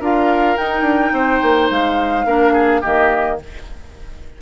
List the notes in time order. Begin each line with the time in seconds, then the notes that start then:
0.00 D4 F4 A#4 F5
0.57 D#4 G5
0.81 D4
1.12 C4 C5
1.42 A#3
1.70 G#3 F5
2.25 A#3 D4 A#4
2.53 G#4
2.81 D#3 A#3 G4 D#5